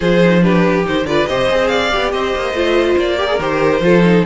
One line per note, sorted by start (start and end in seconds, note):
0.00 0.85 F3
0.00 0.22 F4
0.00 0.42 G#4
0.00 0.43 C5
0.24 0.41 D#4
0.41 0.84 D4
0.41 1.06 G4
0.41 0.85 B4
0.84 1.04 D#3
0.84 1.05 D#4
0.84 1.06 C5
1.04 1.26 D3
1.04 1.28 F4
1.04 1.28 B4
1.04 1.26 D5
1.26 1.49 C3
1.26 1.50 G4
1.26 1.70 C5
1.26 1.67 D#5
1.49 1.92 C4
1.49 1.90 G#4
1.67 2.12 D5
1.67 2.10 F5
1.90 2.13 B3
1.90 2.54 G4
2.12 2.34 C4
2.12 3.18 C5
2.12 2.97 D#5
2.35 2.52 A#3
2.52 2.95 A3
2.52 3.18 F4
2.97 3.38 A#3
2.97 3.40 D5
3.18 3.27 G4
3.18 3.83 A#4
3.27 3.37 G#4
3.38 3.80 D#3
3.38 3.81 G4
3.38 4.25 C5
3.80 4.22 F3
3.80 4.02 F4
3.80 4.25 A4
4.04 4.25 D#4